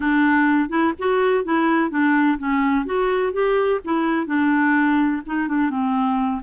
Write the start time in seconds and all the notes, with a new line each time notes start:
0.00 D4
0.69 E4
0.98 F#4
1.44 E4
1.90 D4
2.38 C#4
2.85 F#4
3.32 G4
3.84 E4
4.26 D4
5.26 D#4
5.47 D4
5.70 C4